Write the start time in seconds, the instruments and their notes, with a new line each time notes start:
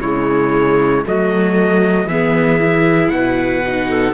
0.00 cello C#3, viola G#3, clarinet E4, trumpet C#5
1.06 cello F#3, viola A3, clarinet F#4, trumpet D#5
2.06 cello E3, viola B3, clarinet G#4, trumpet E5
2.60 viola E4
3.10 cello B2, clarinet B4, trumpet F#5
3.67 viola D#4
3.89 clarinet A4